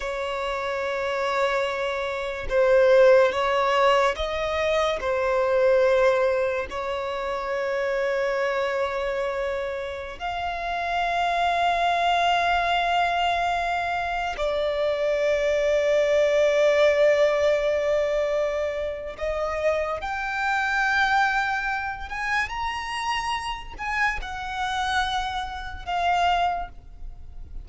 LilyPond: \new Staff \with { instrumentName = "violin" } { \time 4/4 \tempo 4 = 72 cis''2. c''4 | cis''4 dis''4 c''2 | cis''1~ | cis''16 f''2.~ f''8.~ |
f''4~ f''16 d''2~ d''8.~ | d''2. dis''4 | g''2~ g''8 gis''8 ais''4~ | ais''8 gis''8 fis''2 f''4 | }